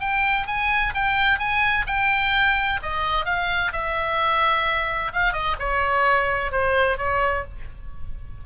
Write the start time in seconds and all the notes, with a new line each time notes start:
0.00 G5
0.47 G#5
0.94 G5
1.39 G#5
1.87 G5
2.82 D#5
3.25 F5
3.72 E5
5.13 F5
5.33 D#5
5.59 C#5
6.52 C5
6.97 C#5